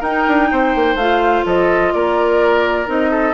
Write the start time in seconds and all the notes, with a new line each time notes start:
0.00 D#4 A#4 G5
0.28 D4
0.52 C4 C5
0.75 A#3
0.95 A3 F4 F5
1.45 F3 A4 D#5
1.93 A#3 A#4 D5
2.86 C4 D#4 D#5
3.11 A4